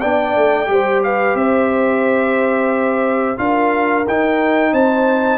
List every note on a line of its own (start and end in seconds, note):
0.00 0.36 B3
0.00 0.66 D4
0.00 0.67 D5
0.00 1.02 G5
0.36 0.69 A3
0.66 1.34 G3
0.66 3.36 G4
0.66 1.05 C5
1.03 1.38 B4
1.03 1.36 F5
1.34 3.37 C4
1.34 3.40 C5
1.34 3.38 E5
3.37 4.06 D4
3.37 4.04 F4
3.37 4.72 A#4
3.37 4.05 F5
4.07 4.72 D#4
4.07 5.38 D#4
4.07 4.74 G5
4.72 5.38 C4
4.72 5.38 C5
4.72 5.38 A5